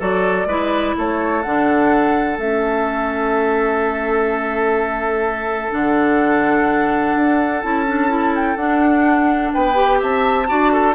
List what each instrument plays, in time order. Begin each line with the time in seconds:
0.00 bassoon F#3, clarinet F#4, oboe A4, flute D5
0.46 bassoon G#3, clarinet E4, oboe B4
0.98 bassoon A3, oboe A4, flute C#5
1.43 bassoon D3, clarinet D4, flute F#5
2.38 bassoon A3, clarinet C#4, flute E5
5.71 bassoon D3, clarinet D4, flute F#5
7.16 bassoon D4
7.62 bassoon C#4, clarinet E4, flute A5
7.88 clarinet D4
8.09 clarinet E4
8.35 flute G5
8.57 bassoon D4, clarinet D4, flute F#5
9.54 bassoon B3, oboe B4, flute G5
9.75 clarinet G4
10.00 bassoon C4, oboe E5, flute A5
10.48 bassoon D4, clarinet F#4, oboe D5
10.73 oboe A4